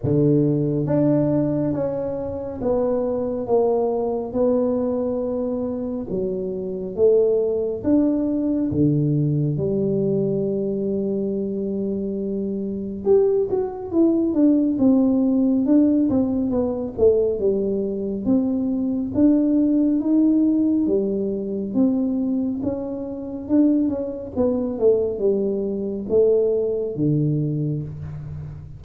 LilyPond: \new Staff \with { instrumentName = "tuba" } { \time 4/4 \tempo 4 = 69 d4 d'4 cis'4 b4 | ais4 b2 fis4 | a4 d'4 d4 g4~ | g2. g'8 fis'8 |
e'8 d'8 c'4 d'8 c'8 b8 a8 | g4 c'4 d'4 dis'4 | g4 c'4 cis'4 d'8 cis'8 | b8 a8 g4 a4 d4 | }